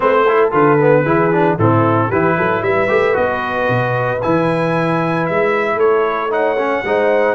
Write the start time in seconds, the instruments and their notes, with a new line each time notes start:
0.00 tuba A3, trombone C4, horn B4, trumpet C5
0.28 trombone E4, horn A4
0.51 tuba D3, trombone F4, trumpet B4
0.80 trombone B3
1.03 tuba E3, trombone E4, horn G#4
1.32 trombone D4
1.58 tuba A2, trombone C4, horn E4, trumpet A4
2.08 tuba E3, trombone E4, horn G4, trumpet B4
2.37 tuba F#3, horn A4
2.62 tuba G3, horn B4, trumpet E5
2.88 tuba A3, trombone G4
3.13 tuba B3, trombone F#4, trumpet D#5
3.68 tuba B2
4.22 tuba E3, trombone E4, trumpet G#5
5.26 tuba G#3, trumpet E5
5.75 tuba A3, horn A4, trumpet C#5
6.30 trombone D#4, horn C#5, trumpet F#5
6.58 trombone C#4
6.84 tuba G#3, trombone D#4, horn C5